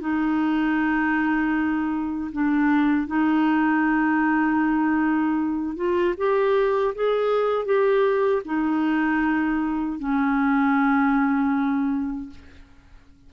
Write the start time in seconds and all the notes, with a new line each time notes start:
0.00 D#4
2.32 D4
3.07 D#4
5.76 F4
6.17 G4
6.95 G#4
7.65 G4
8.45 D#4
9.99 C#4